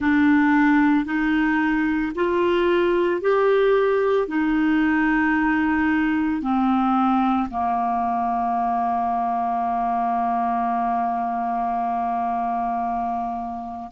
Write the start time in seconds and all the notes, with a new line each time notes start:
0.00 D4
1.05 D#4
2.15 F4
3.21 G4
4.27 D#4
6.41 C4
7.50 A#3